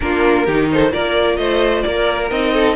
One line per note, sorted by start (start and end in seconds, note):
0.00 0.47 A#3
0.00 0.47 D4
0.00 0.45 F4
0.00 0.69 A#4
0.45 0.93 D#3
0.45 0.90 D#4
0.45 0.68 G4
0.71 0.91 A4
0.71 0.92 C5
0.90 1.37 A#3
0.90 2.29 F4
0.90 1.37 A#4
0.90 1.36 D5
1.36 1.83 A3
1.36 1.85 C5
1.36 1.81 D#5
1.81 2.31 A#3
1.81 2.53 A#4
1.81 2.28 D5
2.31 2.76 C4
2.31 2.76 D#4
2.31 2.76 D#5
2.53 2.76 A4